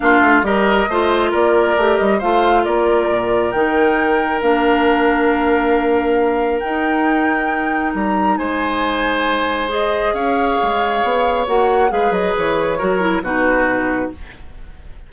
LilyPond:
<<
  \new Staff \with { instrumentName = "flute" } { \time 4/4 \tempo 4 = 136 f''4 dis''2 d''4~ | d''8 dis''8 f''4 d''2 | g''2 f''2~ | f''2. g''4~ |
g''2 ais''4 gis''4~ | gis''2 dis''4 f''4~ | f''2 fis''4 f''8 dis''8 | cis''2 b'2 | }
  \new Staff \with { instrumentName = "oboe" } { \time 4/4 f'4 ais'4 c''4 ais'4~ | ais'4 c''4 ais'2~ | ais'1~ | ais'1~ |
ais'2. c''4~ | c''2. cis''4~ | cis''2. b'4~ | b'4 ais'4 fis'2 | }
  \new Staff \with { instrumentName = "clarinet" } { \time 4/4 d'4 g'4 f'2 | g'4 f'2. | dis'2 d'2~ | d'2. dis'4~ |
dis'1~ | dis'2 gis'2~ | gis'2 fis'4 gis'4~ | gis'4 fis'8 e'8 dis'2 | }
  \new Staff \with { instrumentName = "bassoon" } { \time 4/4 ais8 a8 g4 a4 ais4 | a8 g8 a4 ais4 ais,4 | dis2 ais2~ | ais2. dis'4~ |
dis'2 g4 gis4~ | gis2. cis'4 | gis4 b4 ais4 gis8 fis8 | e4 fis4 b,2 | }
>>